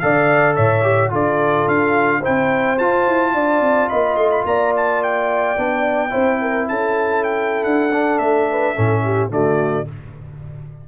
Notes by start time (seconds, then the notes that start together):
0.00 D3 A4 D5 F5
0.56 A2 C#5 E5
0.82 G4
1.10 D3 F4 A4 D5
1.68 D4 F5
2.20 E4 C5 G5
2.28 C4
2.78 F4 A5
3.08 E4
3.34 D4 D5
3.61 C4
3.89 A#3 D#5 B5
4.16 A3 C6
4.31 B5
4.45 A#3 D5 A#5
4.77 A5
5.03 G5
5.57 B3 D4
6.10 C4 E4 C5
6.41 A#4
6.68 C#4 A4 A5
7.24 G5
7.64 D4 F#5
7.92 D4
8.19 A3 E5
8.50 B4
8.75 A2 C#4 A4
9.04 G4
9.30 D3 A3 F#4 D5